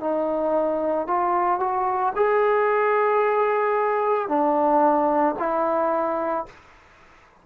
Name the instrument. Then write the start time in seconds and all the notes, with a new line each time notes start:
trombone
0.00 D#4
1.07 F4
1.60 F#4
2.16 G#4
4.28 D4
5.39 E4